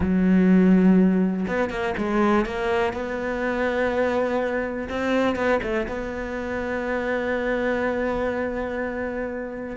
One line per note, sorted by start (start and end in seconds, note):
0.00 1.46 F#3
1.47 1.70 B3
1.70 1.94 A#3
1.97 2.45 G#3
2.45 2.93 A#3
2.93 4.88 B3
4.89 5.35 C4
5.35 5.60 B3
5.63 5.87 A3
5.88 9.76 B3